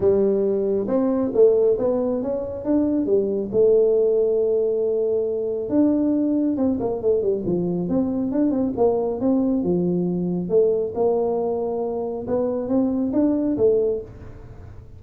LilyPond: \new Staff \with { instrumentName = "tuba" } { \time 4/4 \tempo 4 = 137 g2 c'4 a4 | b4 cis'4 d'4 g4 | a1~ | a4 d'2 c'8 ais8 |
a8 g8 f4 c'4 d'8 c'8 | ais4 c'4 f2 | a4 ais2. | b4 c'4 d'4 a4 | }